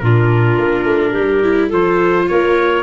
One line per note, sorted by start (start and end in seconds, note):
0.00 0.58 A#2
0.00 1.44 D4
0.00 1.12 F4
0.00 1.70 A#4
0.58 0.85 A#3
0.85 1.13 A3
1.12 1.72 G3
1.12 1.68 G4
1.44 1.71 E4
1.68 2.29 F3
1.68 2.83 F4
1.68 2.25 A4
1.68 2.29 C5
2.29 2.83 A#3
2.29 2.83 A#4
2.29 2.83 C#5